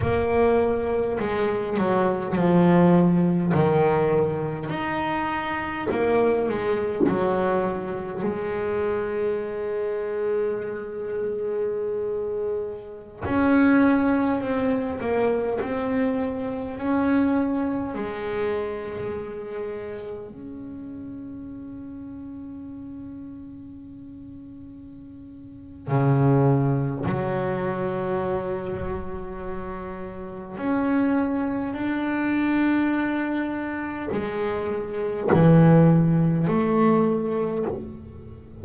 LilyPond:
\new Staff \with { instrumentName = "double bass" } { \time 4/4 \tempo 4 = 51 ais4 gis8 fis8 f4 dis4 | dis'4 ais8 gis8 fis4 gis4~ | gis2.~ gis16 cis'8.~ | cis'16 c'8 ais8 c'4 cis'4 gis8.~ |
gis4~ gis16 cis'2~ cis'8.~ | cis'2 cis4 fis4~ | fis2 cis'4 d'4~ | d'4 gis4 e4 a4 | }